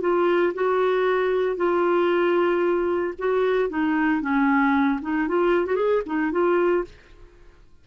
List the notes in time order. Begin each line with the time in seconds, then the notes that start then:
0.00 F4
0.54 F#4
1.56 F4
3.18 F#4
3.69 D#4
4.21 C#4
5.01 D#4
5.28 F4
5.66 F#4
5.75 G#4
6.06 D#4
6.31 F4